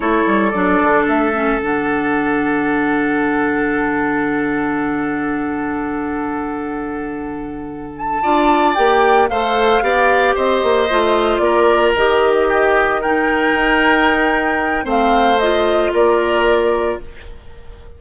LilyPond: <<
  \new Staff \with { instrumentName = "flute" } { \time 4/4 \tempo 4 = 113 cis''4 d''4 e''4 fis''4~ | fis''1~ | fis''1~ | fis''2. a''4~ |
a''8 g''4 f''2 dis''8~ | dis''4. d''4 dis''4.~ | dis''8 g''2.~ g''8 | f''4 dis''4 d''2 | }
  \new Staff \with { instrumentName = "oboe" } { \time 4/4 a'1~ | a'1~ | a'1~ | a'2.~ a'8 d''8~ |
d''4. c''4 d''4 c''8~ | c''4. ais'2 g'8~ | g'8 ais'2.~ ais'8 | c''2 ais'2 | }
  \new Staff \with { instrumentName = "clarinet" } { \time 4/4 e'4 d'4. cis'8 d'4~ | d'1~ | d'1~ | d'2.~ d'8 f'8~ |
f'8 g'4 a'4 g'4.~ | g'8 f'2 g'4.~ | g'8 dis'2.~ dis'8 | c'4 f'2. | }
  \new Staff \with { instrumentName = "bassoon" } { \time 4/4 a8 g8 fis8 d8 a4 d4~ | d1~ | d1~ | d2.~ d8 d'8~ |
d'8 ais4 a4 b4 c'8 | ais8 a4 ais4 dis4.~ | dis4. dis'2~ dis'8 | a2 ais2 | }
>>